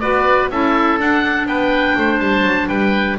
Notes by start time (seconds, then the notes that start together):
0.00 B3 F#4 B4 D5
0.50 C#4 E4 A4 E5
0.99 D4 F#5
1.46 B3 B4 G5
1.97 A3 C5
2.19 G3 A5
2.43 F#3
2.68 G3 B4 G5